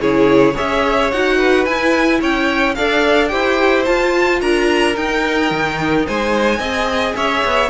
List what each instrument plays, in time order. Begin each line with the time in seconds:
0.00 cello C#3, viola E4, violin G#4 C#5
0.54 cello C#4, viola G#4, violin C#5 E5
1.12 cello D#4, viola F#4, violin F#5
1.37 violin B4
1.66 cello E4, viola E4, violin G#5
2.20 cello C#4, violin C#5 G5
2.75 cello D4, viola A4, violin D5 F5
3.28 cello E4, viola G4, violin C5 G5
3.85 viola F4, cello F4, violin A5
4.41 cello D4, violin A#4 A#5
4.95 viola D#4, cello D#4, violin G5
5.51 cello D#3
6.07 cello G#3, violin C5 G#5
6.59 cello C4, viola G#4, violin D#5
7.16 cello C#4, violin C#5 E5
7.45 cello B3